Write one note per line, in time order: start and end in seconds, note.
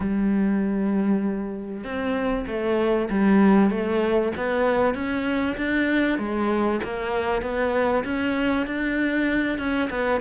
0.00 1.84 G3
1.84 2.45 C4
2.47 3.09 A3
3.10 3.70 G3
3.70 4.32 A3
4.36 4.94 B3
4.94 5.56 C#4
5.57 6.18 D4
6.18 6.80 G#3
6.83 7.42 A#3
7.42 8.04 B3
8.04 8.66 C#4
8.66 9.58 D4
9.58 9.89 C#4
9.90 10.20 B3